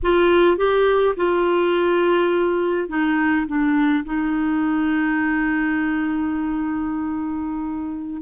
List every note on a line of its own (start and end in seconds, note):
0.02 0.57 F4
0.57 1.15 G4
1.16 2.88 F4
2.88 3.46 D#4
3.46 4.04 D4
4.04 8.21 D#4